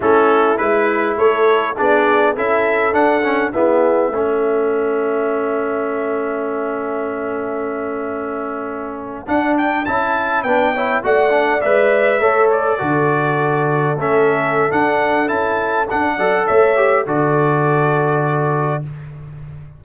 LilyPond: <<
  \new Staff \with { instrumentName = "trumpet" } { \time 4/4 \tempo 4 = 102 a'4 b'4 cis''4 d''4 | e''4 fis''4 e''2~ | e''1~ | e''2.~ e''8. fis''16~ |
fis''16 g''8 a''4 g''4 fis''4 e''16~ | e''4~ e''16 d''2~ d''8 e''16~ | e''4 fis''4 a''4 fis''4 | e''4 d''2. | }
  \new Staff \with { instrumentName = "horn" } { \time 4/4 e'2 a'4 gis'4 | a'2 gis'4 a'4~ | a'1~ | a'1~ |
a'4.~ a'16 b'8 cis''8 d''4~ d''16~ | d''8. cis''4 a'2~ a'16~ | a'2.~ a'8 d''8 | cis''4 a'2. | }
  \new Staff \with { instrumentName = "trombone" } { \time 4/4 cis'4 e'2 d'4 | e'4 d'8 cis'8 b4 cis'4~ | cis'1~ | cis'2.~ cis'8. d'16~ |
d'8. e'4 d'8 e'8 fis'8 d'8 b'16~ | b'8. a'4 fis'2 cis'16~ | cis'4 d'4 e'4 d'8 a'8~ | a'8 g'8 fis'2. | }
  \new Staff \with { instrumentName = "tuba" } { \time 4/4 a4 gis4 a4 b4 | cis'4 d'4 e'4 a4~ | a1~ | a2.~ a8. d'16~ |
d'8. cis'4 b4 a4 gis16~ | gis8. a4 d2 a16~ | a4 d'4 cis'4 d'8 fis8 | a4 d2. | }
>>